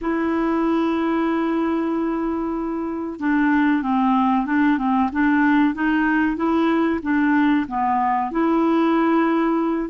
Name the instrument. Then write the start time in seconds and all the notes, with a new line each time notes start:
clarinet
0.01 E4
3.19 D4
3.82 C4
4.46 D4
4.78 C4
5.12 D4
5.74 D#4
6.36 E4
7.02 D4
7.67 B3
8.31 E4